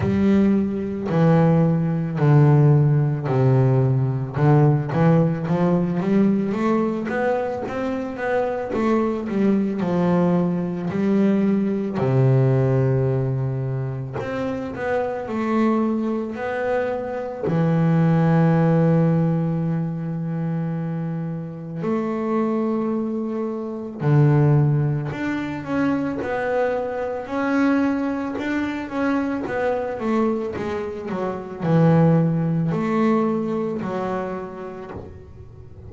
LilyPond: \new Staff \with { instrumentName = "double bass" } { \time 4/4 \tempo 4 = 55 g4 e4 d4 c4 | d8 e8 f8 g8 a8 b8 c'8 b8 | a8 g8 f4 g4 c4~ | c4 c'8 b8 a4 b4 |
e1 | a2 d4 d'8 cis'8 | b4 cis'4 d'8 cis'8 b8 a8 | gis8 fis8 e4 a4 fis4 | }